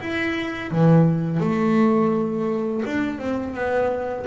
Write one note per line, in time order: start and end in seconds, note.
0.00 0.71 E4
0.71 1.40 E3
1.40 2.83 A3
2.85 3.19 D4
3.19 3.54 C4
3.54 4.25 B3